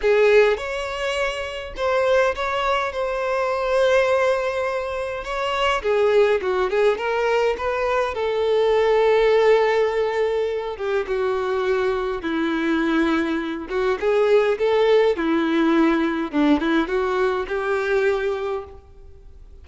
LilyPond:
\new Staff \with { instrumentName = "violin" } { \time 4/4 \tempo 4 = 103 gis'4 cis''2 c''4 | cis''4 c''2.~ | c''4 cis''4 gis'4 fis'8 gis'8 | ais'4 b'4 a'2~ |
a'2~ a'8 g'8 fis'4~ | fis'4 e'2~ e'8 fis'8 | gis'4 a'4 e'2 | d'8 e'8 fis'4 g'2 | }